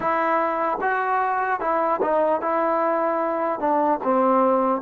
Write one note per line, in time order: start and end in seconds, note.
0.00 0.78 E4
0.81 1.60 F#4
1.60 2.00 E4
2.01 2.41 D#4
2.41 3.59 E4
3.59 3.99 D4
4.03 4.81 C4